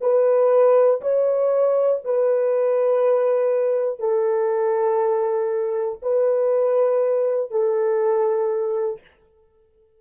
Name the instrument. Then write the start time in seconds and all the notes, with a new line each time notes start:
horn
0.00 B4
1.01 C#5
2.04 B4
3.99 A4
6.02 B4
7.50 A4